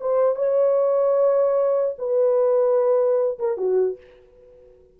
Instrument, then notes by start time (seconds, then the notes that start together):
horn
0.00 C5
0.35 C#5
1.98 B4
3.39 A#4
3.57 F#4